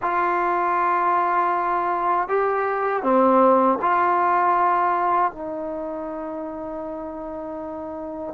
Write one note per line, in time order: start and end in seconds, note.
0.02 2.28 F4
2.28 3.02 G4
3.02 3.78 C4
3.81 5.32 F4
5.32 8.33 D#4